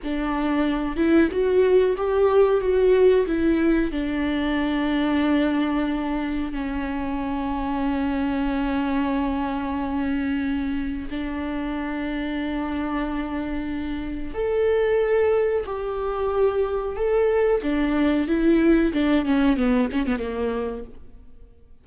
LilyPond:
\new Staff \with { instrumentName = "viola" } { \time 4/4 \tempo 4 = 92 d'4. e'8 fis'4 g'4 | fis'4 e'4 d'2~ | d'2 cis'2~ | cis'1~ |
cis'4 d'2.~ | d'2 a'2 | g'2 a'4 d'4 | e'4 d'8 cis'8 b8 cis'16 b16 ais4 | }